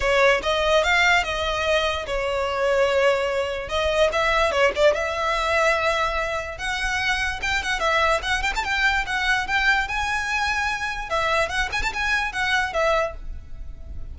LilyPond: \new Staff \with { instrumentName = "violin" } { \time 4/4 \tempo 4 = 146 cis''4 dis''4 f''4 dis''4~ | dis''4 cis''2.~ | cis''4 dis''4 e''4 cis''8 d''8 | e''1 |
fis''2 g''8 fis''8 e''4 | fis''8 g''16 a''16 g''4 fis''4 g''4 | gis''2. e''4 | fis''8 gis''16 a''16 gis''4 fis''4 e''4 | }